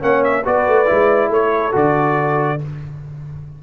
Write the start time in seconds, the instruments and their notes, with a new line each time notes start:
0.00 tuba A#3, trombone C#4, horn C#5, trumpet F#5
0.24 trumpet E5
0.44 tuba B3, trombone F#4, horn B4, trumpet D5
0.68 tuba A3
0.86 tuba G#3, trombone E4
1.29 tuba A3, horn A4, trumpet C#5
1.72 tuba D3, trombone F#4, trumpet D5